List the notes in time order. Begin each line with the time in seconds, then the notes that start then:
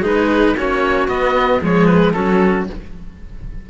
0.00 G#3 D#4 G#4 B4
0.56 A#3 C#4 F#4 C#5
1.07 B3 D#5
1.60 F3 G#3 G#4 C#5
1.86 B4
2.13 F#3 C#4 F#4 A4